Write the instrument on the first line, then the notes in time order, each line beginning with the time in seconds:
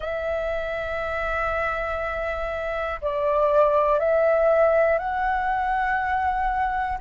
flute
0.00 E5
3.01 D5
3.99 E5
4.98 F#5